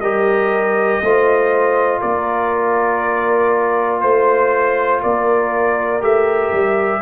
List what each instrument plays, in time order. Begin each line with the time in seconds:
0.00 tuba G3, trombone G4, horn A#4, trumpet D#5
1.02 tuba A3, trombone F4, horn C5
2.01 tuba A#3, horn A#4, trumpet D5
4.01 tuba A3, horn C5, trumpet C5
5.02 tuba A#3, horn A#4, trumpet D5
6.01 tuba A3, trombone G4, trumpet E5
6.53 tuba G3